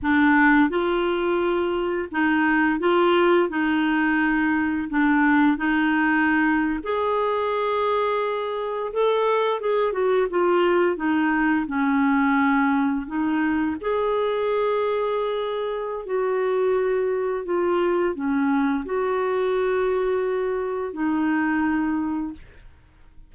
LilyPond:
\new Staff \with { instrumentName = "clarinet" } { \time 4/4 \tempo 4 = 86 d'4 f'2 dis'4 | f'4 dis'2 d'4 | dis'4.~ dis'16 gis'2~ gis'16~ | gis'8. a'4 gis'8 fis'8 f'4 dis'16~ |
dis'8. cis'2 dis'4 gis'16~ | gis'2. fis'4~ | fis'4 f'4 cis'4 fis'4~ | fis'2 dis'2 | }